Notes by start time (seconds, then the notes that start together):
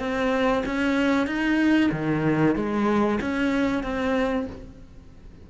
0.00 C4
0.66 C#4
1.27 D#4
1.92 D#3
2.56 G#3
3.21 C#4
3.84 C4